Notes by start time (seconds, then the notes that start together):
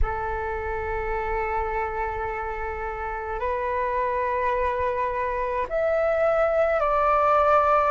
0.02 A4
3.40 B4
5.69 E5
6.79 D5